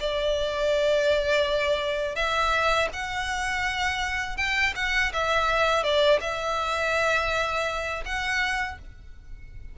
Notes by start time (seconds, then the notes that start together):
0.00 D5
2.16 E5
2.93 F#5
4.37 G5
4.76 F#5
5.13 E5
5.84 D5
6.21 E5
8.06 F#5